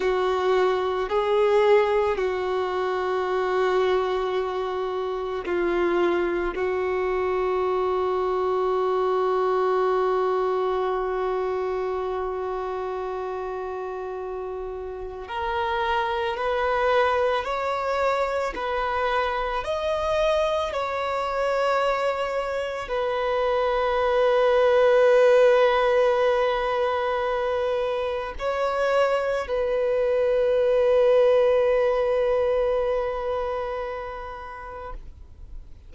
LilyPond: \new Staff \with { instrumentName = "violin" } { \time 4/4 \tempo 4 = 55 fis'4 gis'4 fis'2~ | fis'4 f'4 fis'2~ | fis'1~ | fis'2 ais'4 b'4 |
cis''4 b'4 dis''4 cis''4~ | cis''4 b'2.~ | b'2 cis''4 b'4~ | b'1 | }